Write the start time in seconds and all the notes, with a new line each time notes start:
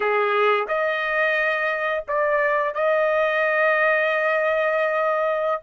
0.00 G#4
0.68 D#5
2.08 D5
2.74 D#5